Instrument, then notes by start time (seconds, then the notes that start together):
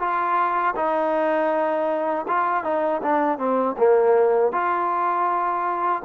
trombone
0.00 F4
0.76 D#4
2.28 F4
2.64 D#4
3.02 D4
3.39 C4
3.78 A#3
4.52 F4